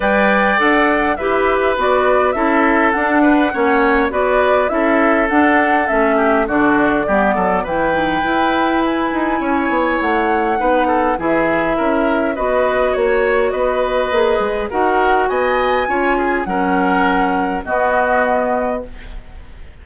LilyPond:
<<
  \new Staff \with { instrumentName = "flute" } { \time 4/4 \tempo 4 = 102 g''4 fis''4 e''4 d''4 | e''4 fis''2 d''4 | e''4 fis''4 e''4 d''4~ | d''4 g''2 gis''4~ |
gis''4 fis''2 e''4~ | e''4 dis''4 cis''4 dis''4~ | dis''4 fis''4 gis''2 | fis''2 dis''2 | }
  \new Staff \with { instrumentName = "oboe" } { \time 4/4 d''2 b'2 | a'4. b'8 cis''4 b'4 | a'2~ a'8 g'8 fis'4 | g'8 a'8 b'2. |
cis''2 b'8 a'8 gis'4 | ais'4 b'4 cis''4 b'4~ | b'4 ais'4 dis''4 cis''8 gis'8 | ais'2 fis'2 | }
  \new Staff \with { instrumentName = "clarinet" } { \time 4/4 b'4 a'4 g'4 fis'4 | e'4 d'4 cis'4 fis'4 | e'4 d'4 cis'4 d'4 | b4 e'8 dis'8 e'2~ |
e'2 dis'4 e'4~ | e'4 fis'2. | gis'4 fis'2 f'4 | cis'2 b2 | }
  \new Staff \with { instrumentName = "bassoon" } { \time 4/4 g4 d'4 e'4 b4 | cis'4 d'4 ais4 b4 | cis'4 d'4 a4 d4 | g8 fis8 e4 e'4. dis'8 |
cis'8 b8 a4 b4 e4 | cis'4 b4 ais4 b4 | ais8 gis8 dis'4 b4 cis'4 | fis2 b2 | }
>>